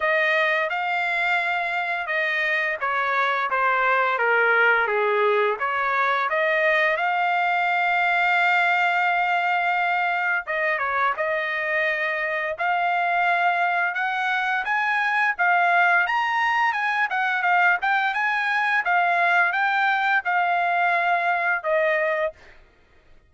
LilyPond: \new Staff \with { instrumentName = "trumpet" } { \time 4/4 \tempo 4 = 86 dis''4 f''2 dis''4 | cis''4 c''4 ais'4 gis'4 | cis''4 dis''4 f''2~ | f''2. dis''8 cis''8 |
dis''2 f''2 | fis''4 gis''4 f''4 ais''4 | gis''8 fis''8 f''8 g''8 gis''4 f''4 | g''4 f''2 dis''4 | }